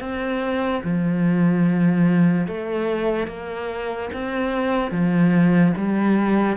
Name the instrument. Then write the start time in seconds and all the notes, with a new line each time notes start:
cello
0.00 C4
0.84 F3
2.47 A3
3.27 A#3
4.13 C4
4.91 F3
5.77 G3